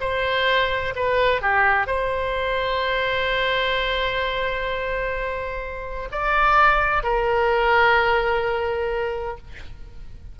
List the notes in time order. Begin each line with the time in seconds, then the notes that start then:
0.00 C5
0.95 B4
1.41 G4
1.87 C5
6.11 D5
7.03 A#4